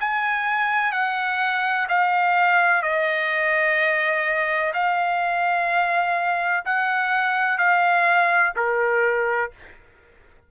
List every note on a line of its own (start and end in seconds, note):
0.00 0.92 G#5
0.92 1.87 F#5
1.89 2.82 F5
2.82 4.73 D#5
4.74 6.64 F5
6.65 7.58 F#5
7.58 8.53 F5
8.56 9.51 A#4